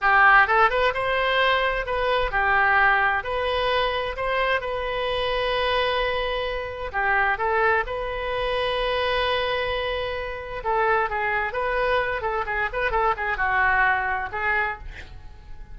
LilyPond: \new Staff \with { instrumentName = "oboe" } { \time 4/4 \tempo 4 = 130 g'4 a'8 b'8 c''2 | b'4 g'2 b'4~ | b'4 c''4 b'2~ | b'2. g'4 |
a'4 b'2.~ | b'2. a'4 | gis'4 b'4. a'8 gis'8 b'8 | a'8 gis'8 fis'2 gis'4 | }